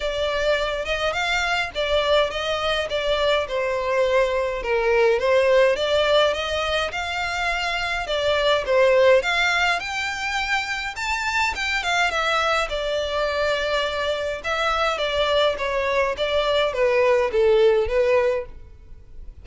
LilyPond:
\new Staff \with { instrumentName = "violin" } { \time 4/4 \tempo 4 = 104 d''4. dis''8 f''4 d''4 | dis''4 d''4 c''2 | ais'4 c''4 d''4 dis''4 | f''2 d''4 c''4 |
f''4 g''2 a''4 | g''8 f''8 e''4 d''2~ | d''4 e''4 d''4 cis''4 | d''4 b'4 a'4 b'4 | }